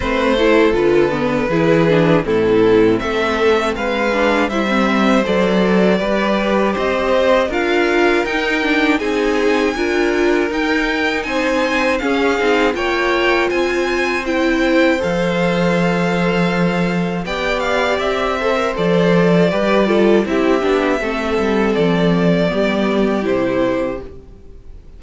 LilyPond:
<<
  \new Staff \with { instrumentName = "violin" } { \time 4/4 \tempo 4 = 80 c''4 b'2 a'4 | e''4 f''4 e''4 d''4~ | d''4 dis''4 f''4 g''4 | gis''2 g''4 gis''4 |
f''4 g''4 gis''4 g''4 | f''2. g''8 f''8 | e''4 d''2 e''4~ | e''4 d''2 c''4 | }
  \new Staff \with { instrumentName = "violin" } { \time 4/4 b'8 a'4. gis'4 e'4 | a'4 b'4 c''2 | b'4 c''4 ais'2 | gis'4 ais'2 c''4 |
gis'4 cis''4 c''2~ | c''2. d''4~ | d''8 c''4. b'8 a'8 g'4 | a'2 g'2 | }
  \new Staff \with { instrumentName = "viola" } { \time 4/4 c'8 e'8 f'8 b8 e'8 d'8 c'4~ | c'4. d'8 e'16 c'8. a'4 | g'2 f'4 dis'8 d'8 | dis'4 f'4 dis'2 |
cis'8 dis'8 f'2 e'4 | a'2. g'4~ | g'8 a'16 ais'16 a'4 g'8 f'8 e'8 d'8 | c'2 b4 e'4 | }
  \new Staff \with { instrumentName = "cello" } { \time 4/4 a4 d4 e4 a,4 | a4 gis4 g4 fis4 | g4 c'4 d'4 dis'4 | c'4 d'4 dis'4 c'4 |
cis'8 c'8 ais4 c'2 | f2. b4 | c'4 f4 g4 c'8 b8 | a8 g8 f4 g4 c4 | }
>>